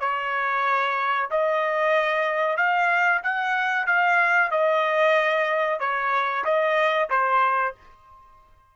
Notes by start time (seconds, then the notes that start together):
0.00 C#5
1.31 D#5
2.57 F5
3.23 F#5
3.87 F5
4.51 D#5
5.80 C#5
6.45 D#5
7.10 C5